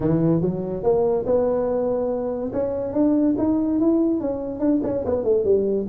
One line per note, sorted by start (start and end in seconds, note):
0.00 0.41 E3
0.41 0.83 F#3
0.83 1.25 A#3
1.25 2.51 B3
2.53 2.93 C#4
2.93 3.35 D4
3.38 3.79 D#4
3.79 4.20 E4
4.20 4.59 C#4
4.59 4.80 D4
4.83 5.04 C#4
5.05 5.24 B3
5.24 5.44 A3
5.44 5.86 G3